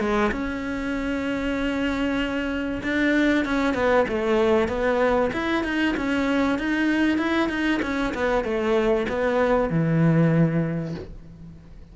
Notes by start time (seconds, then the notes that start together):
0.00 G#3
0.32 C#4
2.83 D4
3.45 C#4
3.74 B3
4.08 A3
4.68 B3
5.33 E4
5.64 D#4
5.97 C#4
6.59 D#4
7.18 E4
7.49 D#4
7.82 C#4
8.14 B3
8.44 A3
9.09 B3
9.70 E3